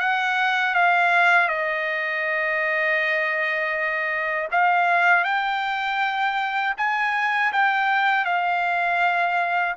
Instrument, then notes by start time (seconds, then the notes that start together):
trumpet
0.00 F#5
0.75 F5
1.49 D#5
4.52 F5
5.24 G5
6.78 G#5
7.53 G5
8.25 F5